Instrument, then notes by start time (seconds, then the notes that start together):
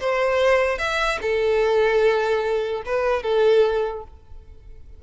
violin
0.00 C5
0.78 E5
1.22 A4
2.86 B4
3.23 A4